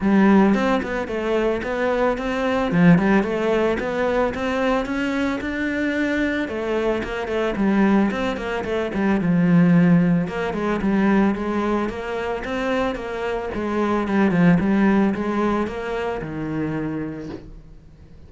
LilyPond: \new Staff \with { instrumentName = "cello" } { \time 4/4 \tempo 4 = 111 g4 c'8 b8 a4 b4 | c'4 f8 g8 a4 b4 | c'4 cis'4 d'2 | a4 ais8 a8 g4 c'8 ais8 |
a8 g8 f2 ais8 gis8 | g4 gis4 ais4 c'4 | ais4 gis4 g8 f8 g4 | gis4 ais4 dis2 | }